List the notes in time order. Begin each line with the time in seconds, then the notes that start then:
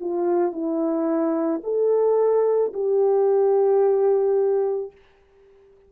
0.00 F4
0.52 E4
1.63 A4
2.73 G4